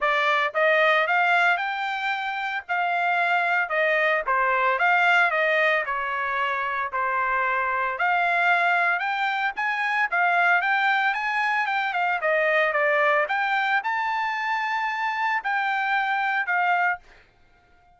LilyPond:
\new Staff \with { instrumentName = "trumpet" } { \time 4/4 \tempo 4 = 113 d''4 dis''4 f''4 g''4~ | g''4 f''2 dis''4 | c''4 f''4 dis''4 cis''4~ | cis''4 c''2 f''4~ |
f''4 g''4 gis''4 f''4 | g''4 gis''4 g''8 f''8 dis''4 | d''4 g''4 a''2~ | a''4 g''2 f''4 | }